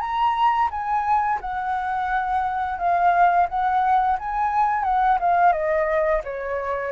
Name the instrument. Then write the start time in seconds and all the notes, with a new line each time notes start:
flute
0.00 A#5
0.71 G#5
1.41 F#5
2.78 F5
3.49 F#5
4.19 G#5
4.84 F#5
5.20 F5
5.52 D#5
6.24 C#5